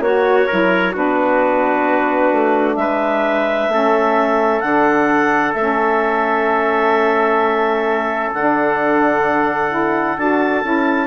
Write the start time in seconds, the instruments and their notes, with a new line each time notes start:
0.00 bassoon A#3, saxophone F#4, trumpet F#4, clarinet C#5
0.47 bassoon F#3, saxophone E4, trumpet A#4
0.92 bassoon B3, saxophone D4, trumpet F#4, clarinet B4
2.32 bassoon A3
2.76 bassoon G#3, trumpet B4, clarinet E5
3.68 bassoon A3, saxophone C#4, trumpet A4
4.60 bassoon D3, saxophone D4, clarinet F#5
5.53 bassoon A3, saxophone C#4, clarinet E5
8.33 bassoon D3, saxophone D4, clarinet F#5
9.70 saxophone E4
10.17 bassoon D4, saxophone F#4, clarinet A5
10.63 bassoon C#4, saxophone E4